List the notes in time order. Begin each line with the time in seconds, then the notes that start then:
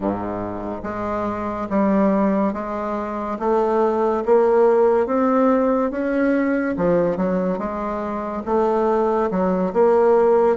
0.00 G#2
0.83 G#3
1.69 G3
2.53 G#3
3.39 A3
4.25 A#3
5.06 C4
5.90 C#4
6.76 F3
7.16 F#3
7.58 G#3
8.45 A3
9.30 F#3
9.73 A#3